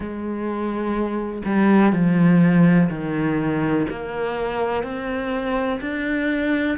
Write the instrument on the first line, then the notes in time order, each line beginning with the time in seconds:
cello
0.00 G#3
1.45 G3
1.92 F3
2.89 D#3
3.89 A#3
4.83 C4
5.81 D4